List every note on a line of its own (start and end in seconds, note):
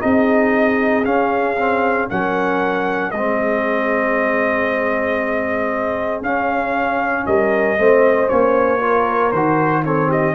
0.00 1.05 C4
0.00 1.03 D#4
0.00 2.10 G#4
0.00 1.05 D#5
1.05 1.56 C#4
1.05 2.09 C#4
1.05 2.09 F5
1.58 2.10 C4
2.10 3.13 F#3
2.10 3.14 C#4
2.10 3.13 A#4
2.10 3.11 F#5
3.11 6.21 G#3
3.11 6.24 C4
3.11 7.27 G#4
3.11 6.22 D#5
6.21 7.25 C#4
6.21 7.79 C#4
6.21 7.26 F5
7.26 7.78 G3
7.26 7.78 A#4
7.26 8.29 D#5
7.78 8.30 A3
7.78 8.28 C4
7.78 8.79 C5
8.28 9.32 A#3
8.28 8.79 C#4
8.28 9.32 C#5
8.79 9.32 F4
8.79 9.83 A#4
9.32 10.35 D#3
9.32 9.84 F#4
9.32 9.84 C5
9.84 10.35 C4
9.84 10.09 A4
9.84 10.11 C#5
10.09 10.34 G4
10.09 10.35 D#5